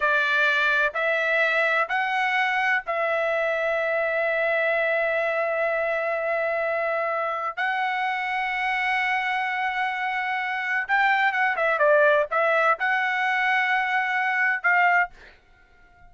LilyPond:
\new Staff \with { instrumentName = "trumpet" } { \time 4/4 \tempo 4 = 127 d''2 e''2 | fis''2 e''2~ | e''1~ | e''1 |
fis''1~ | fis''2. g''4 | fis''8 e''8 d''4 e''4 fis''4~ | fis''2. f''4 | }